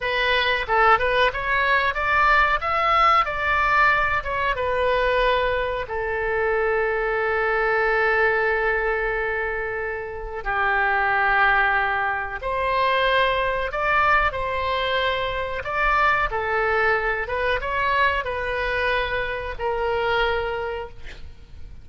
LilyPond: \new Staff \with { instrumentName = "oboe" } { \time 4/4 \tempo 4 = 92 b'4 a'8 b'8 cis''4 d''4 | e''4 d''4. cis''8 b'4~ | b'4 a'2.~ | a'1 |
g'2. c''4~ | c''4 d''4 c''2 | d''4 a'4. b'8 cis''4 | b'2 ais'2 | }